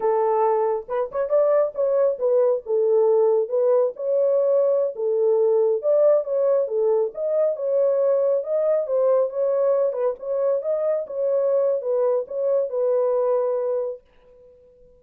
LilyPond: \new Staff \with { instrumentName = "horn" } { \time 4/4 \tempo 4 = 137 a'2 b'8 cis''8 d''4 | cis''4 b'4 a'2 | b'4 cis''2~ cis''16 a'8.~ | a'4~ a'16 d''4 cis''4 a'8.~ |
a'16 dis''4 cis''2 dis''8.~ | dis''16 c''4 cis''4. b'8 cis''8.~ | cis''16 dis''4 cis''4.~ cis''16 b'4 | cis''4 b'2. | }